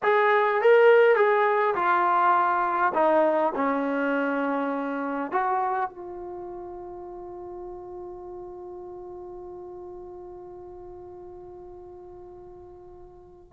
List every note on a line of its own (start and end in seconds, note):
0.02 0.61 G#4
0.61 1.16 A#4
1.16 1.74 G#4
1.75 2.93 F4
2.94 3.52 D#4
3.55 5.31 C#4
5.31 5.89 F#4
5.89 13.52 F4